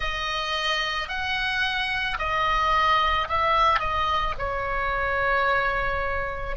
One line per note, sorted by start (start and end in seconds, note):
0.00 1.08 D#5
1.08 2.17 F#5
2.18 3.27 D#5
3.28 3.79 E5
3.79 4.34 D#5
4.38 6.56 C#5